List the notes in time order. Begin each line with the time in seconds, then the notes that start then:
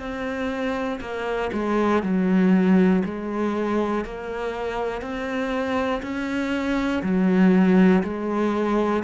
0.00 C4
1.01 A#3
1.53 G#3
2.03 F#3
3.05 G#3
4.05 A#3
5.02 C4
6.03 C#4
7.03 F#3
8.03 G#3